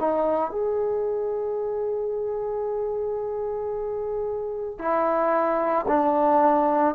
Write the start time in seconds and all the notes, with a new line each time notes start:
0.00 D#4
0.51 G#4
4.79 E4
5.88 D4